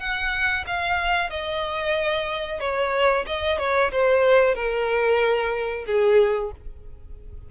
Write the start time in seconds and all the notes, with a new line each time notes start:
0.00 F#5
0.68 F5
1.30 D#5
2.61 C#5
3.27 D#5
3.59 C#5
3.92 C5
4.55 A#4
5.86 G#4